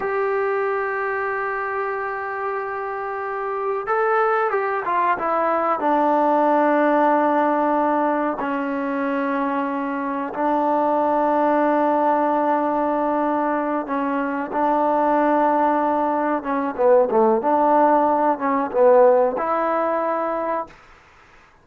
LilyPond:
\new Staff \with { instrumentName = "trombone" } { \time 4/4 \tempo 4 = 93 g'1~ | g'2 a'4 g'8 f'8 | e'4 d'2.~ | d'4 cis'2. |
d'1~ | d'4. cis'4 d'4.~ | d'4. cis'8 b8 a8 d'4~ | d'8 cis'8 b4 e'2 | }